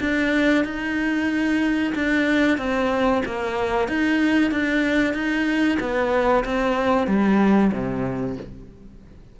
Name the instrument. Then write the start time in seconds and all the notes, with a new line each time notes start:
cello
0.00 D4
0.65 D#4
1.95 D4
2.58 C4
3.25 A#3
3.88 D#4
4.51 D4
5.13 D#4
5.80 B3
6.44 C4
7.07 G3
7.72 C3